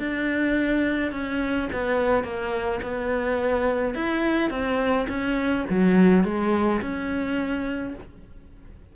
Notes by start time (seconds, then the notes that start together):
0.00 D4
1.12 C#4
1.73 B3
2.24 A#3
2.83 B3
3.95 E4
4.51 C4
5.09 C#4
5.70 F#3
6.25 G#3
6.82 C#4